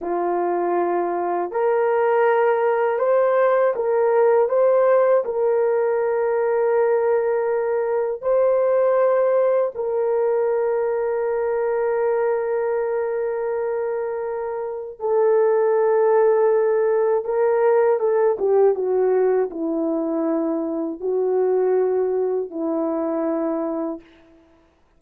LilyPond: \new Staff \with { instrumentName = "horn" } { \time 4/4 \tempo 4 = 80 f'2 ais'2 | c''4 ais'4 c''4 ais'4~ | ais'2. c''4~ | c''4 ais'2.~ |
ais'1 | a'2. ais'4 | a'8 g'8 fis'4 e'2 | fis'2 e'2 | }